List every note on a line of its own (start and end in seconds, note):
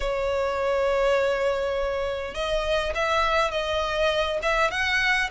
0.00 2.34 C#5
2.34 2.93 D#5
2.94 3.51 E5
3.51 4.39 D#5
4.42 4.70 E5
4.70 5.29 F#5